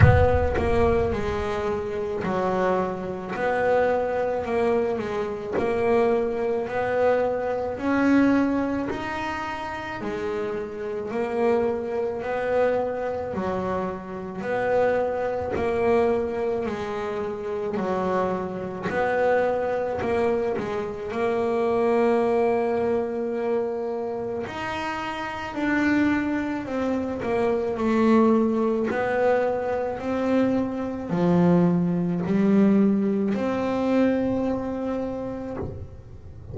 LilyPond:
\new Staff \with { instrumentName = "double bass" } { \time 4/4 \tempo 4 = 54 b8 ais8 gis4 fis4 b4 | ais8 gis8 ais4 b4 cis'4 | dis'4 gis4 ais4 b4 | fis4 b4 ais4 gis4 |
fis4 b4 ais8 gis8 ais4~ | ais2 dis'4 d'4 | c'8 ais8 a4 b4 c'4 | f4 g4 c'2 | }